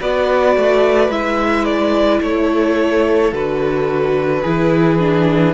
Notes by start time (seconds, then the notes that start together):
0.00 B3 F#4 B4 D5
0.56 A3
1.09 G#3 E4 E5
1.64 D5
2.21 A3 A4 C#5
3.32 D3 F#4 B4
4.42 E3 E4 G#4
4.99 D4